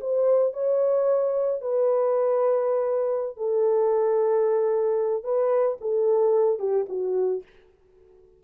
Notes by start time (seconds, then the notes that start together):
0.00 C5
0.53 C#5
1.61 B4
3.37 A4
5.23 B4
5.81 A4
6.59 G4
6.89 F#4